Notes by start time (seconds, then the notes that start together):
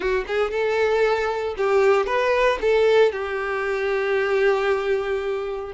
0.00 F#4
0.27 G#4
0.51 A4
1.57 G4
2.06 B4
2.61 A4
3.12 G4